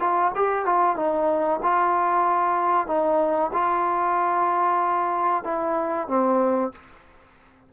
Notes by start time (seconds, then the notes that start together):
0.00 F4
0.35 G4
0.66 F4
0.96 D#4
1.62 F4
2.87 D#4
3.53 F4
5.44 E4
6.08 C4